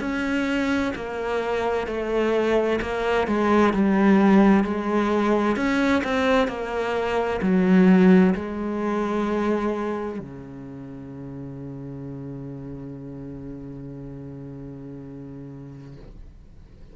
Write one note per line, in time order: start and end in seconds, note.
0.00 0.92 C#4
0.95 1.87 A#3
1.87 2.79 A3
2.81 3.27 A#3
3.27 3.73 G#3
3.73 4.63 G3
4.63 5.56 G#3
5.56 6.02 C#4
6.03 6.47 C4
6.47 7.40 A#3
7.41 8.34 F#3
8.35 10.19 G#3
10.19 15.96 C#3